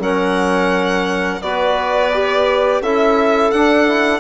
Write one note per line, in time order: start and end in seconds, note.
0.00 1.40 F#3
0.00 1.42 C#4
0.00 1.41 A#4
0.00 1.42 F#5
1.42 2.82 B3
1.42 2.13 F#4
1.42 2.83 B4
1.42 2.82 D5
2.14 2.84 G4
2.82 3.51 C#4
2.82 3.54 E4
2.82 4.20 A4
2.82 3.51 E5
3.51 4.20 D4
3.51 3.88 D4
3.51 4.20 F#5
3.88 4.20 E4